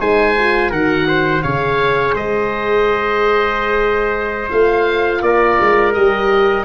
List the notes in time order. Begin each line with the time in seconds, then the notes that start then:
0.00 G#3 D#4 C5 G#5
0.39 F4
0.70 D#3 F#4 A#4 F#5
1.08 C5
1.43 C#3 G#4 C#5 F5
2.14 G#3 C5 D#5
4.50 A3 F4 F5
5.22 A#3 A#4 D5
5.61 G#3
5.94 G3 G4 D#5